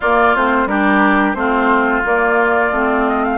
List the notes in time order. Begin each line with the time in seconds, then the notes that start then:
0.00 A#3 F4 D5
0.35 A3 C4 C5
0.66 G3 D4 G4 A#4
1.34 A3 C4 F4 C5
2.04 A#3 D5
2.71 A3 C4
3.08 D#5
3.24 F5